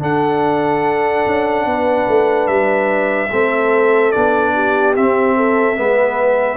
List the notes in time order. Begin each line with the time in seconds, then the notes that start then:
0.00 D4 A4 F#5
1.26 C#4
1.66 B3 B4
2.08 A3
2.48 G3 E5
3.31 A3 C4 A4
4.12 B3 D4 D5
4.55 G4
4.96 C4 E5
5.37 A4
5.76 G#3 B3 B4